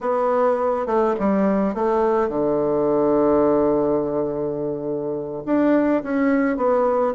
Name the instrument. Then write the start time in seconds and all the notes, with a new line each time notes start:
bassoon
0.00 B3
0.86 A3
1.19 G3
1.74 A3
2.29 D3
5.45 D4
6.03 C#4
6.56 B3